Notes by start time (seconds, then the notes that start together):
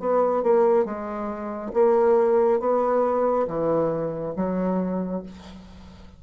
0.00 B3
0.43 A#3
0.85 G#3
1.74 A#3
2.60 B3
3.48 E3
4.36 F#3